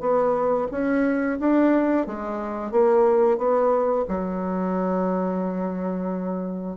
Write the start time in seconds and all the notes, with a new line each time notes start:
0.00 B3
0.71 C#4
1.39 D4
2.07 G#3
2.71 A#3
3.37 B3
4.08 F#3